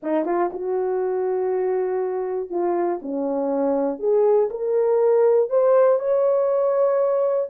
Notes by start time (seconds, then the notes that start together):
0.02 D#4
0.25 F4
0.53 F#4
2.50 F4
3.02 C#4
3.99 G#4
4.50 A#4
5.49 C5
5.99 C#5